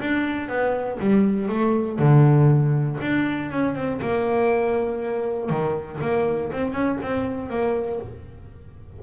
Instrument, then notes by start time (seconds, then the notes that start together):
double bass
0.00 D4
0.48 B3
1.00 G3
1.49 A3
1.99 D3
3.01 D4
3.51 C#4
3.75 C4
4.02 A#3
5.50 D#3
6.01 A#3
6.52 C4
6.73 C#4
7.02 C4
7.50 A#3